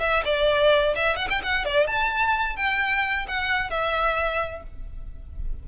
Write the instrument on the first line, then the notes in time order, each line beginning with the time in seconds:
violin
0.00 E5
0.25 D5
0.96 E5
1.16 F#5
1.30 G5
1.43 F#5
1.65 D5
1.87 A5
2.56 G5
3.28 F#5
3.70 E5